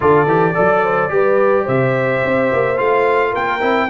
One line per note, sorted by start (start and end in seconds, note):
0.00 0.26 D3
0.00 0.26 F4
0.00 0.55 A4
0.00 1.67 D5
0.26 0.53 E3
0.26 0.54 G4
0.54 1.11 F#3
0.54 1.09 A4
0.54 0.83 D5
0.83 1.11 C5
1.09 1.66 G3
1.09 2.75 G4
1.09 1.64 B4
1.64 2.23 C3
1.64 3.30 C5
1.64 2.78 E5
2.24 2.51 C4
2.52 2.79 A#3
2.76 3.34 A3
2.76 3.60 F4
2.76 3.33 F5
3.30 3.61 A#3
3.30 3.86 A#4
3.30 3.89 G5
3.60 3.89 C4
3.60 3.88 E4